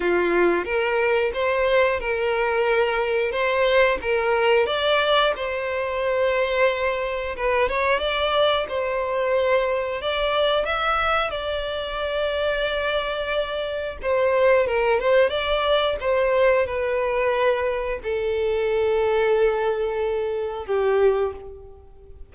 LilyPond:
\new Staff \with { instrumentName = "violin" } { \time 4/4 \tempo 4 = 90 f'4 ais'4 c''4 ais'4~ | ais'4 c''4 ais'4 d''4 | c''2. b'8 cis''8 | d''4 c''2 d''4 |
e''4 d''2.~ | d''4 c''4 ais'8 c''8 d''4 | c''4 b'2 a'4~ | a'2. g'4 | }